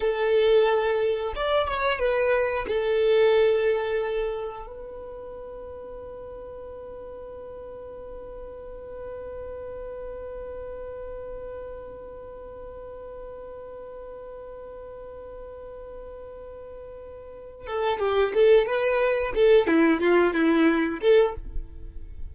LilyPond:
\new Staff \with { instrumentName = "violin" } { \time 4/4 \tempo 4 = 90 a'2 d''8 cis''8 b'4 | a'2. b'4~ | b'1~ | b'1~ |
b'1~ | b'1~ | b'2~ b'8 a'8 g'8 a'8 | b'4 a'8 e'8 f'8 e'4 a'8 | }